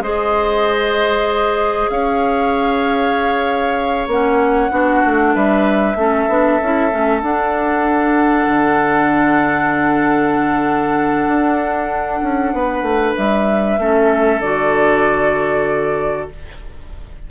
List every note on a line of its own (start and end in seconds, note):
0.00 1.88 G#3
0.00 4.09 G#4
0.00 1.90 C5
0.00 1.89 D#5
1.89 4.07 C#4
1.89 4.72 C#5
1.89 4.08 F5
4.07 4.69 A#3
4.07 4.70 C#4
4.07 5.35 F#5
4.70 5.02 B3
4.70 5.95 D4
4.70 5.34 F#4
5.05 5.35 A3
5.34 5.95 G3
5.34 5.97 B4
5.34 7.21 E5
5.95 6.26 A3
5.95 6.29 C#4
5.95 12.55 A4
6.28 6.59 B3
6.28 6.60 D4
6.61 6.92 C#4
6.61 6.90 E4
6.90 7.22 A3
6.90 7.21 C#4
7.21 8.46 D4
7.21 13.78 D4
7.21 13.15 F#5
8.46 11.27 D3
11.27 12.21 D4
12.22 12.52 C#4
12.52 12.82 B3
12.52 13.80 B4
12.82 13.13 A3
13.17 13.78 G3
13.17 14.41 E5
13.78 14.39 A3
13.78 14.42 C#4
13.78 16.30 A4
14.39 16.27 D3
14.39 16.30 F#4
14.39 16.28 D5